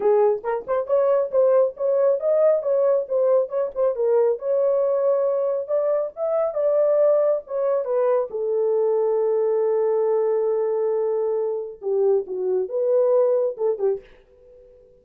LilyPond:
\new Staff \with { instrumentName = "horn" } { \time 4/4 \tempo 4 = 137 gis'4 ais'8 c''8 cis''4 c''4 | cis''4 dis''4 cis''4 c''4 | cis''8 c''8 ais'4 cis''2~ | cis''4 d''4 e''4 d''4~ |
d''4 cis''4 b'4 a'4~ | a'1~ | a'2. g'4 | fis'4 b'2 a'8 g'8 | }